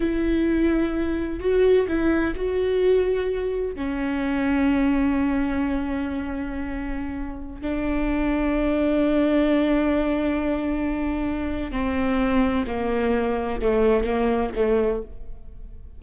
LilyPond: \new Staff \with { instrumentName = "viola" } { \time 4/4 \tempo 4 = 128 e'2. fis'4 | e'4 fis'2. | cis'1~ | cis'1~ |
cis'16 d'2.~ d'8.~ | d'1~ | d'4 c'2 ais4~ | ais4 a4 ais4 a4 | }